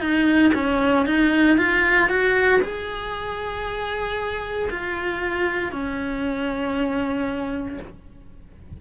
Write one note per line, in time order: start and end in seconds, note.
0.00 0.52 D#4
0.54 1.06 C#4
1.06 1.58 D#4
1.58 2.09 F4
2.09 2.61 F#4
2.62 4.69 G#4
4.71 5.72 F4
5.72 7.79 C#4